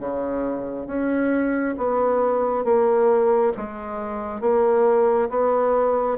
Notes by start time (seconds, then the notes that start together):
0.00 C#3
0.87 C#4
1.78 B3
2.65 A#3
3.57 G#3
4.41 A#3
5.30 B3